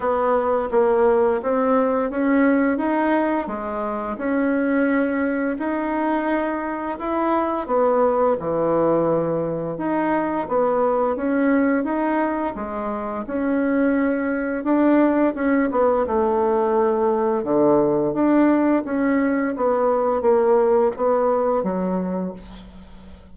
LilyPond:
\new Staff \with { instrumentName = "bassoon" } { \time 4/4 \tempo 4 = 86 b4 ais4 c'4 cis'4 | dis'4 gis4 cis'2 | dis'2 e'4 b4 | e2 dis'4 b4 |
cis'4 dis'4 gis4 cis'4~ | cis'4 d'4 cis'8 b8 a4~ | a4 d4 d'4 cis'4 | b4 ais4 b4 fis4 | }